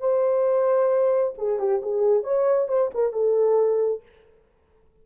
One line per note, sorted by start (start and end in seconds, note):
0.00 1.34 C5
1.38 1.59 G#4
1.59 1.82 G4
1.82 2.24 G#4
2.24 2.68 C#5
2.68 2.91 C5
2.95 3.13 A#4
3.13 4.02 A4